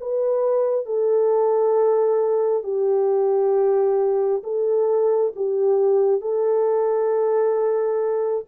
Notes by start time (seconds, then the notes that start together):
0.00 B4
0.85 A4
2.63 G4
4.43 A4
5.35 G4
6.20 A4